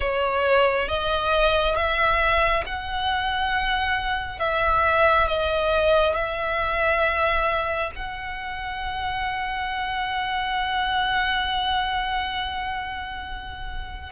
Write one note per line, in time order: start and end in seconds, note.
0.00 0.88 C#5
0.88 1.76 D#5
1.76 2.64 E5
2.66 4.39 F#5
4.39 5.27 E5
5.27 6.14 D#5
6.14 7.91 E5
7.95 14.12 F#5